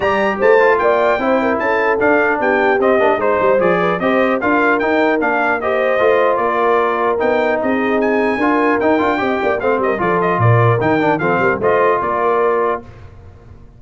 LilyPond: <<
  \new Staff \with { instrumentName = "trumpet" } { \time 4/4 \tempo 4 = 150 ais''4 a''4 g''2 | a''4 f''4 g''4 dis''4 | c''4 d''4 dis''4 f''4 | g''4 f''4 dis''2 |
d''2 g''4 dis''4 | gis''2 g''2 | f''8 dis''8 d''8 dis''8 d''4 g''4 | f''4 dis''4 d''2 | }
  \new Staff \with { instrumentName = "horn" } { \time 4/4 d''4 c''4 d''4 c''8 ais'8 | a'2 g'2 | c''4. b'8 c''4 ais'4~ | ais'2 c''2 |
ais'2. gis'4~ | gis'4 ais'2 dis''8 d''8 | c''8 ais'8 a'4 ais'2 | a'8 ais'8 c''4 ais'2 | }
  \new Staff \with { instrumentName = "trombone" } { \time 4/4 g'4. f'4. e'4~ | e'4 d'2 c'8 d'8 | dis'4 gis'4 g'4 f'4 | dis'4 d'4 g'4 f'4~ |
f'2 dis'2~ | dis'4 f'4 dis'8 f'8 g'4 | c'4 f'2 dis'8 d'8 | c'4 f'2. | }
  \new Staff \with { instrumentName = "tuba" } { \time 4/4 g4 a4 ais4 c'4 | cis'4 d'4 b4 c'8 ais8 | gis8 g8 f4 c'4 d'4 | dis'4 ais2 a4 |
ais2 b4 c'4~ | c'4 d'4 dis'8 d'8 c'8 ais8 | a8 g8 f4 ais,4 dis4 | f8 g8 a4 ais2 | }
>>